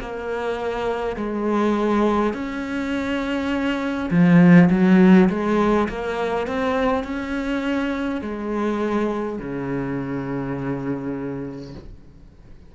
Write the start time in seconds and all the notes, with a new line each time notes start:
0.00 A#3
1.16 G#3
2.33 C#4
4.11 F3
4.70 F#3
5.29 G#3
5.89 A#3
6.47 C4
7.04 C#4
8.21 G#3
9.39 C#3